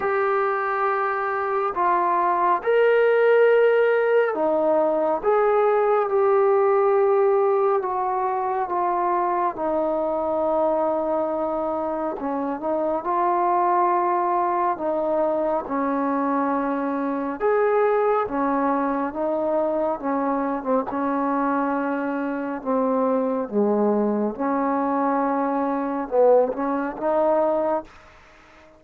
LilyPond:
\new Staff \with { instrumentName = "trombone" } { \time 4/4 \tempo 4 = 69 g'2 f'4 ais'4~ | ais'4 dis'4 gis'4 g'4~ | g'4 fis'4 f'4 dis'4~ | dis'2 cis'8 dis'8 f'4~ |
f'4 dis'4 cis'2 | gis'4 cis'4 dis'4 cis'8. c'16 | cis'2 c'4 gis4 | cis'2 b8 cis'8 dis'4 | }